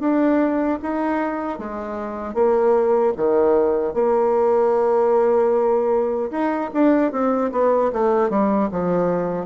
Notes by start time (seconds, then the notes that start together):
0.00 D4
0.82 D#4
1.59 G#3
2.34 A#3
3.17 D#3
3.94 A#3
6.31 D#4
6.73 D4
7.12 C4
7.52 B3
7.92 A3
8.30 G3
8.71 F3